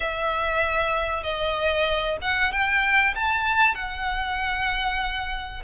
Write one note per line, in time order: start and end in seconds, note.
0.00 1.23 E5
1.23 2.17 D#5
2.21 2.52 F#5
2.52 3.14 G5
3.15 3.74 A5
3.74 5.62 F#5